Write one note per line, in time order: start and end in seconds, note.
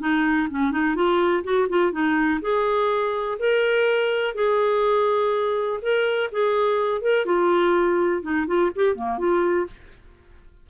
0.00 0.48 D#4
0.50 0.72 C#4
0.72 0.96 D#4
0.96 1.44 F4
1.44 1.68 F#4
1.70 1.92 F4
1.92 2.41 D#4
2.42 3.39 G#4
3.40 4.35 A#4
4.35 5.80 G#4
5.82 6.31 A#4
6.32 7.02 G#4
7.02 7.26 A#4
7.26 8.22 F4
8.22 8.47 D#4
8.47 8.71 F4
8.76 8.96 G4
8.96 9.19 A#3
9.19 9.67 F4